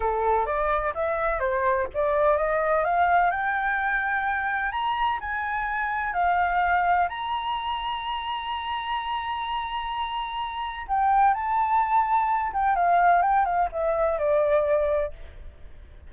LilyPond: \new Staff \with { instrumentName = "flute" } { \time 4/4 \tempo 4 = 127 a'4 d''4 e''4 c''4 | d''4 dis''4 f''4 g''4~ | g''2 ais''4 gis''4~ | gis''4 f''2 ais''4~ |
ais''1~ | ais''2. g''4 | a''2~ a''8 g''8 f''4 | g''8 f''8 e''4 d''2 | }